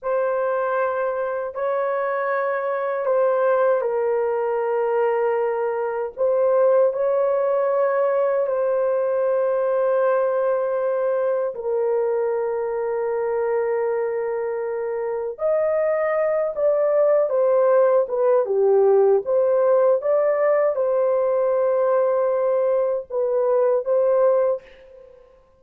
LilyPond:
\new Staff \with { instrumentName = "horn" } { \time 4/4 \tempo 4 = 78 c''2 cis''2 | c''4 ais'2. | c''4 cis''2 c''4~ | c''2. ais'4~ |
ais'1 | dis''4. d''4 c''4 b'8 | g'4 c''4 d''4 c''4~ | c''2 b'4 c''4 | }